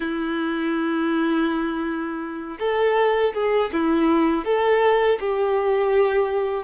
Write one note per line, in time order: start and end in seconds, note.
0.00 2.57 E4
2.59 3.33 A4
3.33 3.70 G#4
3.72 4.44 E4
4.44 5.19 A4
5.20 6.64 G4